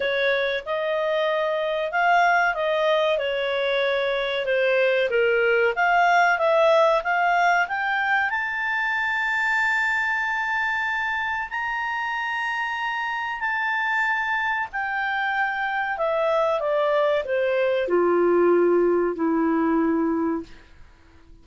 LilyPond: \new Staff \with { instrumentName = "clarinet" } { \time 4/4 \tempo 4 = 94 cis''4 dis''2 f''4 | dis''4 cis''2 c''4 | ais'4 f''4 e''4 f''4 | g''4 a''2.~ |
a''2 ais''2~ | ais''4 a''2 g''4~ | g''4 e''4 d''4 c''4 | f'2 e'2 | }